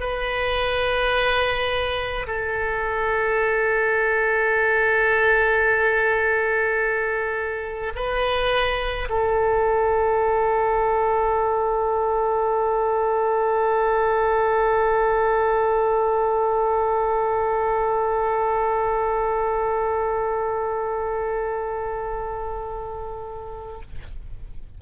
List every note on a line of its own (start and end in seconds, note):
0.00 2.26 B4
2.27 7.93 A4
7.95 9.08 B4
9.09 23.81 A4